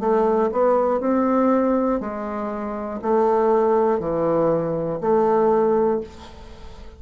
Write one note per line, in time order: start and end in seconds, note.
0.00 0.50 A3
0.52 1.01 B3
1.01 2.01 C4
2.01 3.01 G#3
3.02 4.00 A3
4.00 5.00 E3
5.01 6.01 A3